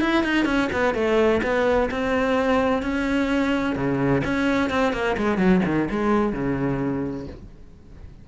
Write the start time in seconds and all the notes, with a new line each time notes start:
0.00 E4
0.23 D#4
0.45 C#4
0.72 B3
0.94 A3
1.42 B3
1.91 C4
2.82 C#4
3.75 C#3
4.24 C#4
4.70 C4
4.92 A#3
5.17 G#3
5.37 F#3
5.65 D#3
5.90 G#3
6.33 C#3